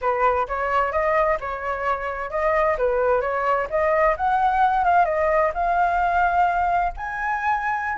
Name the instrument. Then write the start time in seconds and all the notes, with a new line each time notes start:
flute
0.01 B4
0.48 C#5
0.91 D#5
1.40 C#5
2.30 D#5
2.78 B4
3.21 C#5
3.70 D#5
4.16 F#5
4.84 F5
5.05 D#5
5.54 F5
6.96 G#5